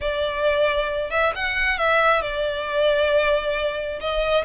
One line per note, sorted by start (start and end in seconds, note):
0.00 1.10 D5
1.10 1.32 E5
1.35 1.77 F#5
1.77 2.21 E5
2.21 3.99 D5
4.00 4.44 D#5